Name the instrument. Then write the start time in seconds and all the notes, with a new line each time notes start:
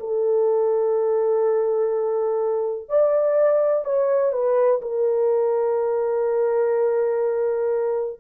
horn
0.00 A4
2.89 D5
3.85 C#5
4.33 B4
4.82 A#4